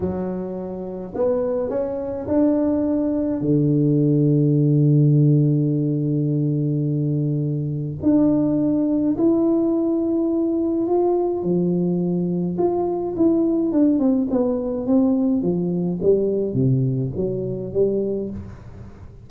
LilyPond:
\new Staff \with { instrumentName = "tuba" } { \time 4/4 \tempo 4 = 105 fis2 b4 cis'4 | d'2 d2~ | d1~ | d2 d'2 |
e'2. f'4 | f2 f'4 e'4 | d'8 c'8 b4 c'4 f4 | g4 c4 fis4 g4 | }